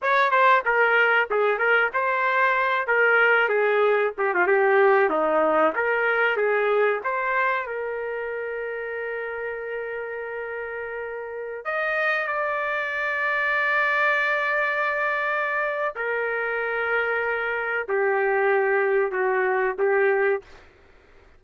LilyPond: \new Staff \with { instrumentName = "trumpet" } { \time 4/4 \tempo 4 = 94 cis''8 c''8 ais'4 gis'8 ais'8 c''4~ | c''8 ais'4 gis'4 g'16 f'16 g'4 | dis'4 ais'4 gis'4 c''4 | ais'1~ |
ais'2~ ais'16 dis''4 d''8.~ | d''1~ | d''4 ais'2. | g'2 fis'4 g'4 | }